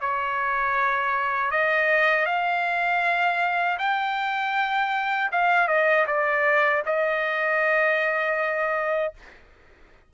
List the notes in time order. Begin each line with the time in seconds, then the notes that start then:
0.00 C#5
1.51 D#5
2.25 F5
3.78 G5
5.31 F5
5.67 D#5
6.07 D5
6.85 D#5